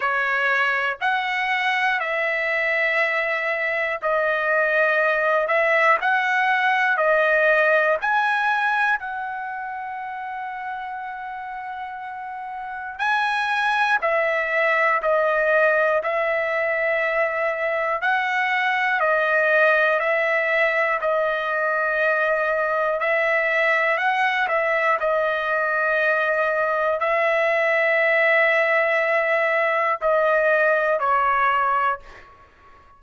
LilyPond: \new Staff \with { instrumentName = "trumpet" } { \time 4/4 \tempo 4 = 60 cis''4 fis''4 e''2 | dis''4. e''8 fis''4 dis''4 | gis''4 fis''2.~ | fis''4 gis''4 e''4 dis''4 |
e''2 fis''4 dis''4 | e''4 dis''2 e''4 | fis''8 e''8 dis''2 e''4~ | e''2 dis''4 cis''4 | }